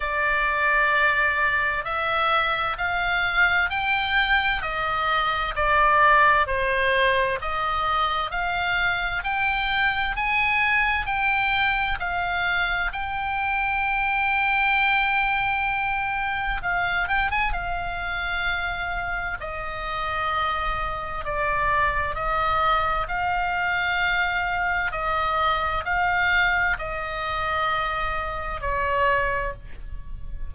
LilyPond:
\new Staff \with { instrumentName = "oboe" } { \time 4/4 \tempo 4 = 65 d''2 e''4 f''4 | g''4 dis''4 d''4 c''4 | dis''4 f''4 g''4 gis''4 | g''4 f''4 g''2~ |
g''2 f''8 g''16 gis''16 f''4~ | f''4 dis''2 d''4 | dis''4 f''2 dis''4 | f''4 dis''2 cis''4 | }